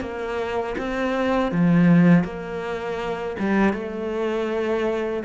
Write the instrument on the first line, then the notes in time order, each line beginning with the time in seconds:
cello
0.00 A#3
0.78 C4
1.51 F3
2.23 A#3
3.39 G3
3.73 A3